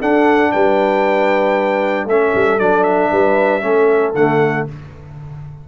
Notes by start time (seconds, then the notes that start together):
0.00 D4 A4 F#5
0.52 G3 B4 G5
2.05 A3 C#4 A4 E5
2.34 G3
2.59 F#3 D4 D5
2.83 E5
3.11 G3 B4
3.61 A3 C#4 A4
4.14 D3 A3 F#5